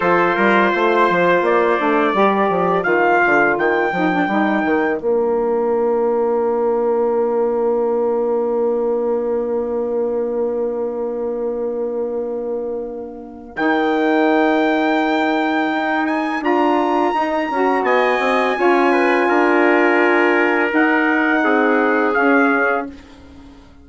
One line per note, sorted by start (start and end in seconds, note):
0.00 0.36 F3
0.00 1.79 F4
0.00 0.35 A4
0.00 1.42 C5
0.35 0.72 G3
0.35 0.71 A#4
0.73 1.09 A3
0.73 2.15 C5
1.09 1.41 F3
1.41 1.77 A#3
1.41 2.83 D5
1.79 2.14 A3
1.79 2.14 D4
2.14 2.49 G3
2.14 2.82 G4
2.14 17.85 A#4
2.49 2.84 F3
2.82 3.20 D#3
2.82 3.89 F4
2.82 3.55 F5
3.25 3.57 D3
3.57 3.92 D#3
3.57 4.99 G5
3.92 4.27 F3
3.92 4.11 D#4
4.11 4.29 D4
4.27 4.62 G3
4.27 5.01 D#4
4.64 5.00 D#3
4.99 13.55 A#3
4.99 13.57 D4
4.99 13.56 F5
13.55 15.70 D#3
13.55 16.42 D#4
13.55 16.06 G5
15.72 16.40 D#4
16.06 16.42 G#5
16.40 17.12 D4
16.40 17.13 F4
16.40 17.84 A#5
17.13 17.49 D#4
17.13 17.50 D#4
17.50 17.82 C#4
17.50 18.56 F#4
17.82 18.18 B3
17.82 18.56 D#5
17.82 20.70 G#5
18.19 18.55 C4
18.56 19.29 C#4
18.56 20.70 F4
18.56 18.91 C#5
18.91 19.27 B4
19.28 20.72 D4
19.28 21.42 A#4
20.70 22.13 D#4
20.70 21.44 D#4
20.70 22.13 F#5
21.43 22.15 C4
21.43 22.86 G#4
22.13 22.85 C#4
22.13 22.89 C#4
22.13 22.85 F5